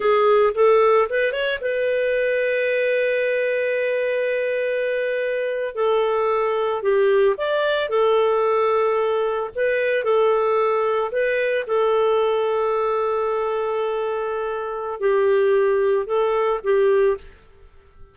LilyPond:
\new Staff \with { instrumentName = "clarinet" } { \time 4/4 \tempo 4 = 112 gis'4 a'4 b'8 cis''8 b'4~ | b'1~ | b'2~ b'8. a'4~ a'16~ | a'8. g'4 d''4 a'4~ a'16~ |
a'4.~ a'16 b'4 a'4~ a'16~ | a'8. b'4 a'2~ a'16~ | a'1 | g'2 a'4 g'4 | }